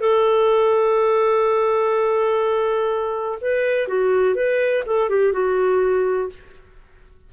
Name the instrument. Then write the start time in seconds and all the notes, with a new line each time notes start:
clarinet
0.00 A4
3.41 B4
3.88 F#4
4.35 B4
4.86 A4
5.09 G4
5.32 F#4